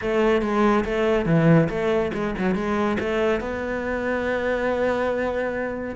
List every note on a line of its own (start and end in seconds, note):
0.01 0.41 A3
0.41 0.84 G#3
0.84 1.25 A3
1.25 1.68 E3
1.69 2.11 A3
2.13 2.34 G#3
2.38 2.55 F#3
2.55 2.97 G#3
2.99 3.40 A3
3.40 5.95 B3